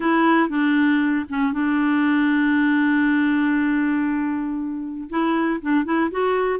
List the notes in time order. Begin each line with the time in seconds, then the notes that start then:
0.00 E4
0.49 D4
1.29 C#4
1.53 D4
5.09 E4
5.61 D4
5.85 E4
6.10 F#4